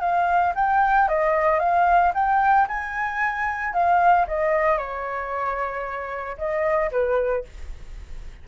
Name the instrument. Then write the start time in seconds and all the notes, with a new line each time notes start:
flute
0.00 F5
0.55 G5
1.08 D#5
1.59 F5
2.14 G5
2.67 G#5
3.73 F5
4.27 D#5
4.77 C#5
6.37 D#5
6.91 B4